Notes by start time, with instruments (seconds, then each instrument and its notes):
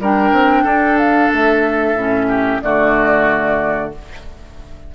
0.00 bassoon G3, clarinet D4, oboe A#4, flute G5
0.32 bassoon C4
0.64 bassoon D4, oboe A4
0.99 flute F5
1.33 bassoon A3, flute E5
1.95 bassoon A2, clarinet C#4
2.29 oboe G4
2.62 bassoon D3, clarinet A3, oboe F#4, flute D5